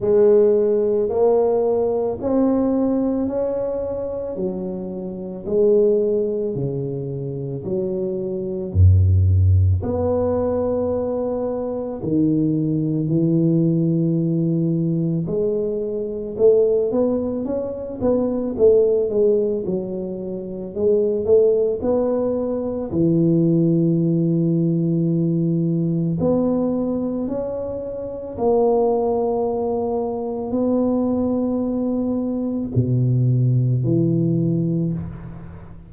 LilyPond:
\new Staff \with { instrumentName = "tuba" } { \time 4/4 \tempo 4 = 55 gis4 ais4 c'4 cis'4 | fis4 gis4 cis4 fis4 | fis,4 b2 dis4 | e2 gis4 a8 b8 |
cis'8 b8 a8 gis8 fis4 gis8 a8 | b4 e2. | b4 cis'4 ais2 | b2 b,4 e4 | }